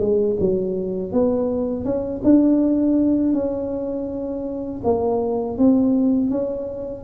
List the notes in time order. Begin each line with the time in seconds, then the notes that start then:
0.00 G#3
0.40 F#3
1.12 B3
1.85 C#4
2.24 D4
3.33 C#4
4.84 A#3
5.58 C4
6.30 C#4